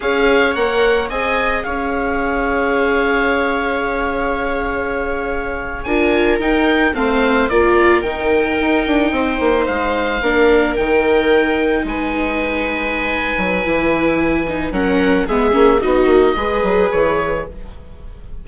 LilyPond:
<<
  \new Staff \with { instrumentName = "oboe" } { \time 4/4 \tempo 4 = 110 f''4 fis''4 gis''4 f''4~ | f''1~ | f''2~ f''8. gis''4 g''16~ | g''8. f''4 d''4 g''4~ g''16~ |
g''4.~ g''16 f''2 g''16~ | g''4.~ g''16 gis''2~ gis''16~ | gis''2. fis''4 | e''4 dis''2 cis''4 | }
  \new Staff \with { instrumentName = "viola" } { \time 4/4 cis''2 dis''4 cis''4~ | cis''1~ | cis''2~ cis''8. ais'4~ ais'16~ | ais'8. c''4 ais'2~ ais'16~ |
ais'8. c''2 ais'4~ ais'16~ | ais'4.~ ais'16 b'2~ b'16~ | b'2. ais'4 | gis'4 fis'4 b'2 | }
  \new Staff \with { instrumentName = "viola" } { \time 4/4 gis'4 ais'4 gis'2~ | gis'1~ | gis'2~ gis'8. f'4 dis'16~ | dis'8. c'4 f'4 dis'4~ dis'16~ |
dis'2~ dis'8. d'4 dis'16~ | dis'1~ | dis'4 e'4. dis'8 cis'4 | b8 cis'8 dis'4 gis'2 | }
  \new Staff \with { instrumentName = "bassoon" } { \time 4/4 cis'4 ais4 c'4 cis'4~ | cis'1~ | cis'2~ cis'8. d'4 dis'16~ | dis'8. a4 ais4 dis4 dis'16~ |
dis'16 d'8 c'8 ais8 gis4 ais4 dis16~ | dis4.~ dis16 gis2~ gis16~ | gis8 fis8 e2 fis4 | gis8 ais8 b8 ais8 gis8 fis8 e4 | }
>>